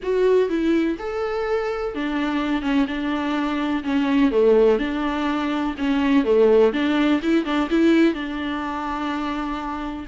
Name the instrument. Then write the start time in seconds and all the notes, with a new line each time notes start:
viola
0.02 F#4
0.49 E4
0.99 A4
1.94 D4
2.62 C#4
2.87 D4
3.83 C#4
4.31 A3
4.78 D4
5.78 C#4
6.24 A3
6.72 D4
7.22 E4
7.44 D4
7.70 E4
8.14 D4